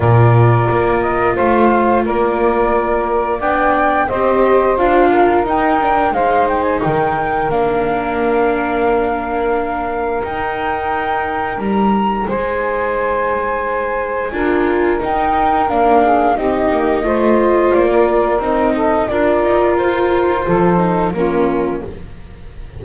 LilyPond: <<
  \new Staff \with { instrumentName = "flute" } { \time 4/4 \tempo 4 = 88 d''4. dis''8 f''4 d''4~ | d''4 g''4 dis''4 f''4 | g''4 f''8 g''16 gis''16 g''4 f''4~ | f''2. g''4~ |
g''4 ais''4 gis''2~ | gis''2 g''4 f''4 | dis''2 d''4 dis''4 | d''4 c''2 ais'4 | }
  \new Staff \with { instrumentName = "saxophone" } { \time 4/4 ais'2 c''4 ais'4~ | ais'4 d''4 c''4. ais'8~ | ais'4 c''4 ais'2~ | ais'1~ |
ais'2 c''2~ | c''4 ais'2~ ais'8 gis'8 | g'4 c''4~ c''16 ais'4~ ais'16 a'8 | ais'2 a'4 f'4 | }
  \new Staff \with { instrumentName = "viola" } { \time 4/4 f'1~ | f'4 d'4 g'4 f'4 | dis'8 d'8 dis'2 d'4~ | d'2. dis'4~ |
dis'1~ | dis'4 f'4 dis'4 d'4 | dis'4 f'2 dis'4 | f'2~ f'8 dis'8 cis'4 | }
  \new Staff \with { instrumentName = "double bass" } { \time 4/4 ais,4 ais4 a4 ais4~ | ais4 b4 c'4 d'4 | dis'4 gis4 dis4 ais4~ | ais2. dis'4~ |
dis'4 g4 gis2~ | gis4 d'4 dis'4 ais4 | c'8 ais8 a4 ais4 c'4 | d'8 dis'8 f'4 f4 ais4 | }
>>